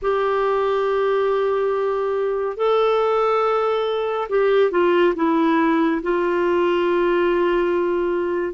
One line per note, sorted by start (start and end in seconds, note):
0.02 2.56 G4
2.56 4.28 A4
4.29 4.71 G4
4.71 5.14 F4
5.15 6.01 E4
6.02 8.53 F4